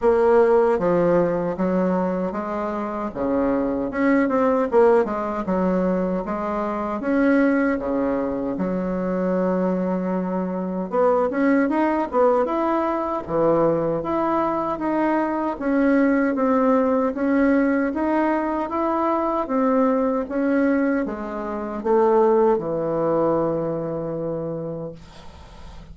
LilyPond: \new Staff \with { instrumentName = "bassoon" } { \time 4/4 \tempo 4 = 77 ais4 f4 fis4 gis4 | cis4 cis'8 c'8 ais8 gis8 fis4 | gis4 cis'4 cis4 fis4~ | fis2 b8 cis'8 dis'8 b8 |
e'4 e4 e'4 dis'4 | cis'4 c'4 cis'4 dis'4 | e'4 c'4 cis'4 gis4 | a4 e2. | }